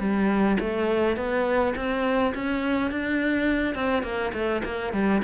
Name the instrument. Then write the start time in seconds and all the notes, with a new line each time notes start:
cello
0.00 G3
0.60 A3
1.17 B3
1.76 C4
2.35 C#4
2.91 D4
3.75 C4
4.03 A#3
4.33 A3
4.65 A#3
4.93 G3